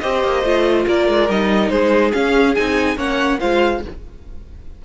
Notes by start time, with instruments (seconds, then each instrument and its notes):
0.00 cello C4, viola G4, violin C5 D#5
0.24 cello A#3
0.43 cello A3, viola F4
0.88 cello A#3, violin A#4 D5
1.08 cello G#3
1.29 cello G3, viola D#4, violin D#5
1.69 cello G#3, violin G#4 C5
2.13 viola C#4, cello C#4, violin F5
2.55 cello C4, viola D#4, violin G#5
2.96 cello A#3, viola C#4, violin C#5 F#5
3.40 cello G#3, viola F4, violin C5 F5